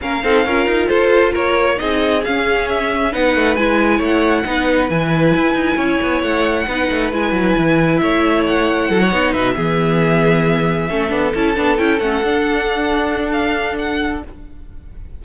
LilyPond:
<<
  \new Staff \with { instrumentName = "violin" } { \time 4/4 \tempo 4 = 135 f''2 c''4 cis''4 | dis''4 f''4 e''4 fis''4 | gis''4 fis''2 gis''4~ | gis''2 fis''2 |
gis''2 e''4 fis''4~ | fis''4 e''2.~ | e''4. a''4 g''8 fis''4~ | fis''2 f''4 fis''4 | }
  \new Staff \with { instrumentName = "violin" } { \time 4/4 ais'8 a'8 ais'4 a'4 ais'4 | gis'2. b'4~ | b'4 cis''4 b'2~ | b'4 cis''2 b'4~ |
b'2 cis''2 | a'16 cis''8. b'8 gis'2~ gis'8~ | gis'8 a'2.~ a'8~ | a'1 | }
  \new Staff \with { instrumentName = "viola" } { \time 4/4 cis'8 dis'8 f'2. | dis'4 cis'2 dis'4 | e'2 dis'4 e'4~ | e'2. dis'4 |
e'1~ | e'8 dis'4 b2~ b8~ | b8 cis'8 d'8 e'8 d'8 e'8 cis'8 d'8~ | d'1 | }
  \new Staff \with { instrumentName = "cello" } { \time 4/4 ais8 c'8 cis'8 dis'8 f'4 ais4 | c'4 cis'2 b8 a8 | gis4 a4 b4 e4 | e'8 dis'8 cis'8 b8 a4 b8 a8 |
gis8 fis8 e4 a2 | fis8 b8 b,8 e2~ e8~ | e8 a8 b8 cis'8 b8 cis'8 a8 d'8~ | d'1 | }
>>